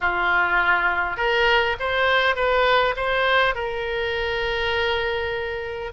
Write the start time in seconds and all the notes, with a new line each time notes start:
0.00 F4
1.17 A#4
1.79 C5
2.35 B4
2.96 C5
3.55 A#4